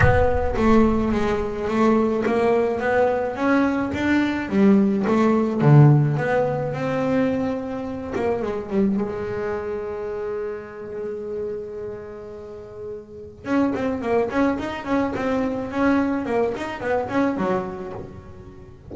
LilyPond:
\new Staff \with { instrumentName = "double bass" } { \time 4/4 \tempo 4 = 107 b4 a4 gis4 a4 | ais4 b4 cis'4 d'4 | g4 a4 d4 b4 | c'2~ c'8 ais8 gis8 g8 |
gis1~ | gis1 | cis'8 c'8 ais8 cis'8 dis'8 cis'8 c'4 | cis'4 ais8 dis'8 b8 cis'8 fis4 | }